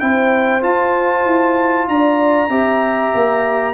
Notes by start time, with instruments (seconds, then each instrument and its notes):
0.00 tuba C4, trombone E4, horn C5, trumpet G5
0.61 trombone F4, tuba F4, trumpet A5
1.26 tuba E4
1.88 tuba D4, horn D5, trumpet A#5
2.49 tuba C4, trombone G4, horn E5
3.14 tuba A#3